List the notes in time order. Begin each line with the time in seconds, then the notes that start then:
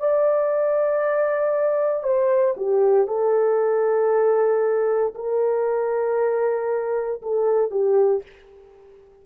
0.00 D5
2.04 C5
2.57 G4
3.08 A4
5.15 A#4
7.23 A4
7.71 G4